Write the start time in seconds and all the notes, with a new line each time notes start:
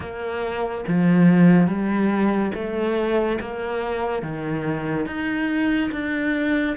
0.00 A#3
0.87 F3
1.67 G3
2.54 A3
3.40 A#3
4.22 D#3
5.06 D#4
5.92 D4